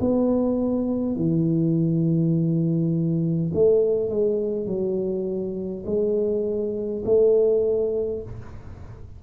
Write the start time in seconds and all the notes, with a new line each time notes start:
0.00 B3
1.16 E3
3.54 A3
4.09 G#3
4.66 F#3
5.86 G#3
7.05 A3